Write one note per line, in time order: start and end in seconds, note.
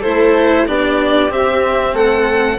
0.00 0.68 E4
0.00 0.65 A4
0.00 0.67 C5
0.06 0.68 A3
0.68 1.31 B3
0.68 1.30 D4
0.68 1.95 G4
0.68 1.32 D5
1.30 2.59 C4
1.30 1.94 C4
1.30 1.96 E5
1.94 2.59 A3
1.94 2.59 A4
1.94 2.59 F#5